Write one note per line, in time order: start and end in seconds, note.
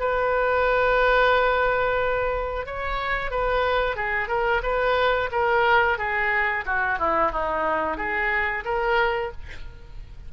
0.00 2.66 B4
2.66 3.31 C#5
3.31 3.96 B4
3.96 4.28 G#4
4.28 4.62 A#4
4.63 5.30 B4
5.32 5.98 A#4
5.98 6.65 G#4
6.66 6.99 F#4
6.99 7.32 E4
7.32 7.98 D#4
7.98 8.64 G#4
8.65 9.32 A#4